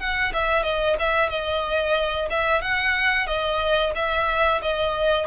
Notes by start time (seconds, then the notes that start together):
0.00 F#5
0.34 E5
0.64 D#5
1.00 E5
1.30 D#5
2.31 E5
2.62 F#5
3.27 D#5
3.96 E5
4.62 D#5